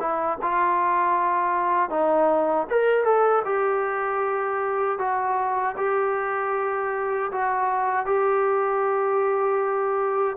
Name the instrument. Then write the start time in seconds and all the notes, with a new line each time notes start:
trombone
0.00 E4
0.42 F4
1.90 D#4
2.70 A#4
3.05 A4
3.45 G4
4.99 F#4
5.77 G4
7.32 F#4
8.06 G4